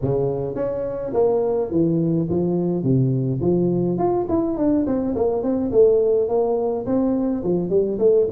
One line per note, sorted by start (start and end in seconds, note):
0.01 0.55 C#3
0.55 1.12 C#4
1.13 1.70 A#3
1.70 2.28 E3
2.29 2.83 F3
2.83 3.40 C3
3.41 3.97 F3
3.97 4.26 F4
4.28 4.57 E4
4.57 4.85 D4
4.86 5.14 C4
5.15 5.42 A#3
5.42 5.71 C4
5.71 6.28 A3
6.28 6.85 A#3
6.86 7.43 C4
7.43 7.69 F3
7.69 7.98 G3
7.98 8.27 A3